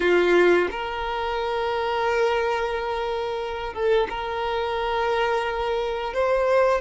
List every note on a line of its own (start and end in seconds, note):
0.00 0.68 F4
0.71 3.73 A#4
3.73 4.07 A4
4.09 6.13 A#4
6.13 6.81 C5